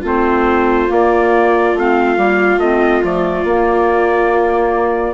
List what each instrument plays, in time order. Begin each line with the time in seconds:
0.00 bassoon A3, clarinet C4, viola F4
0.06 trumpet C5
0.87 clarinet A#3, bassoon A#3, trumpet D5
1.74 bassoon A3, clarinet C4, trumpet F5
2.16 bassoon G3, clarinet A#3
2.57 bassoon A3, clarinet C4, trumpet D#5
3.03 bassoon F3, clarinet A3, trumpet D5
3.44 bassoon A#3, clarinet A#3